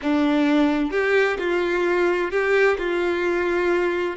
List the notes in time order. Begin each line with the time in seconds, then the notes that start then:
0.01 D4
0.91 G4
1.38 F4
2.31 G4
2.78 F4